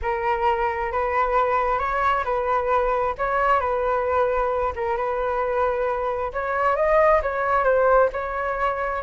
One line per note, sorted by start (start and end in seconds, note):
0.01 0.91 A#4
0.91 1.79 B4
1.79 2.24 C#5
2.24 3.14 B4
3.17 3.60 C#5
3.60 4.72 B4
4.75 4.96 A#4
4.96 6.32 B4
6.33 6.76 C#5
6.76 7.21 D#5
7.22 7.64 C#5
7.64 8.09 C5
8.12 9.02 C#5